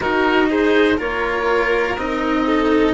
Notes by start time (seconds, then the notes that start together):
0.00 D#4 F#4 A#4
0.49 G#4 C5
0.97 A#3 F4 A#4 C#5
1.97 C4 D#4 D#5
2.46 A4